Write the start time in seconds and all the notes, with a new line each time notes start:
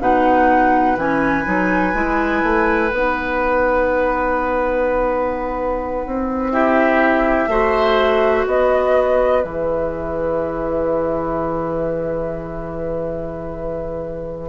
0.00 B2 D#4 B4 F#5
0.97 E3 C#4 G#5
1.44 F#3 D#4
1.94 G#3 E4
2.43 A3
2.89 B3 D#4 F#5
6.06 C4
6.52 E4 G4 E5
7.47 A3 F#4 C5
8.47 B3 B4 D#5
9.42 E3 G#4 E5